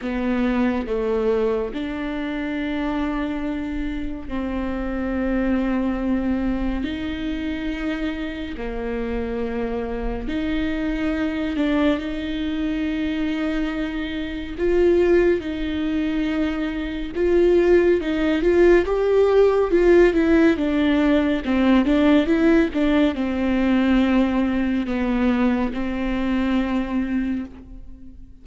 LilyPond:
\new Staff \with { instrumentName = "viola" } { \time 4/4 \tempo 4 = 70 b4 a4 d'2~ | d'4 c'2. | dis'2 ais2 | dis'4. d'8 dis'2~ |
dis'4 f'4 dis'2 | f'4 dis'8 f'8 g'4 f'8 e'8 | d'4 c'8 d'8 e'8 d'8 c'4~ | c'4 b4 c'2 | }